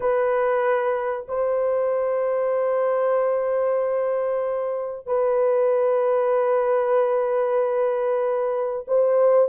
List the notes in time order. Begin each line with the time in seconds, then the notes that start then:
0.00 B4
1.27 C5
5.06 B4
8.87 C5